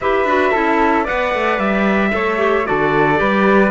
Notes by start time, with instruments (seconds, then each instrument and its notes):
0.01 cello E4, clarinet G4, flute B4, trumpet E5
0.24 cello D4, clarinet F#4
0.51 cello C#4, clarinet E4, flute A4
1.04 cello B3, clarinet B4, flute D5, trumpet F#5
1.34 cello A3
1.58 cello G3, trumpet E5
2.11 cello A3, clarinet A4, flute C#5
2.37 clarinet G4
2.64 cello D3, clarinet F#4, flute A4, trumpet D5
3.15 cello G3, clarinet G4, flute B4